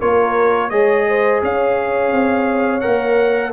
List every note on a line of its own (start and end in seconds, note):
0.00 0.71 A#3
0.00 0.71 F4
0.00 0.71 A#4
0.00 0.70 C#5
0.70 1.42 G#3
0.70 2.81 G#4
0.70 1.06 C#5
0.70 1.41 D#5
1.09 1.44 C5
1.43 2.12 C#4
1.43 3.53 C#5
1.43 2.81 F5
2.12 2.83 C4
2.81 3.53 A#3
2.81 3.52 A#4
2.81 3.52 F#5